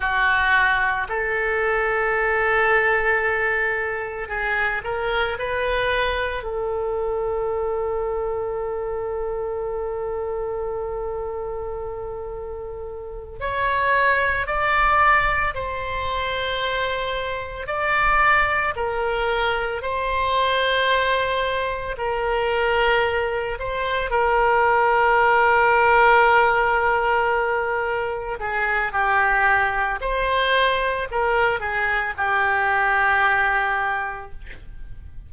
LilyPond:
\new Staff \with { instrumentName = "oboe" } { \time 4/4 \tempo 4 = 56 fis'4 a'2. | gis'8 ais'8 b'4 a'2~ | a'1~ | a'8 cis''4 d''4 c''4.~ |
c''8 d''4 ais'4 c''4.~ | c''8 ais'4. c''8 ais'4.~ | ais'2~ ais'8 gis'8 g'4 | c''4 ais'8 gis'8 g'2 | }